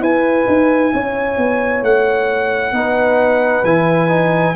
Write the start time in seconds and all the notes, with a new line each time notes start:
0.00 E4 B4 G#5
0.47 D#4
0.93 C#4 C#5
1.37 B3
1.82 A3 F#5
2.72 B3 D#4 B4
3.64 E3 E4 G#5
4.08 D#4